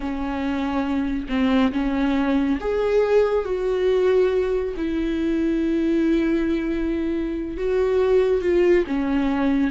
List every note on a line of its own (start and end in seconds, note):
0.00 1.27 C#4
1.28 1.71 C4
1.72 2.58 C#4
2.60 3.44 G#4
3.44 4.74 F#4
4.76 7.57 E4
7.57 8.41 F#4
8.41 8.84 F4
8.86 9.70 C#4